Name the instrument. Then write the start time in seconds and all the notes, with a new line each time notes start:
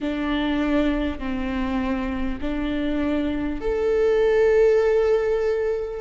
viola
0.00 D4
1.19 C4
2.41 D4
3.61 A4